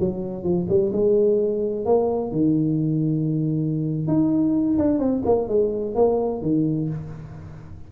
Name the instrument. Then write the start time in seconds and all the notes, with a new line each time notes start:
tuba
0.00 F#3
0.44 F3
0.69 G3
0.93 G#3
1.86 A#3
2.32 D#3
4.08 D#4
4.79 D4
4.99 C4
5.26 A#3
5.48 G#3
5.95 A#3
6.42 D#3